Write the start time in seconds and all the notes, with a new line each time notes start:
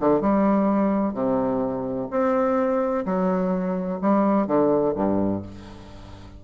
0.00 D3
0.21 G3
1.14 C3
2.10 C4
3.05 F#3
4.01 G3
4.47 D3
4.95 G2